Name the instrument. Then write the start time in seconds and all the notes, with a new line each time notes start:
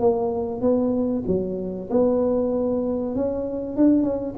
tuba
0.00 A#3
0.61 B3
1.27 F#3
1.91 B3
3.16 C#4
3.77 D4
4.03 C#4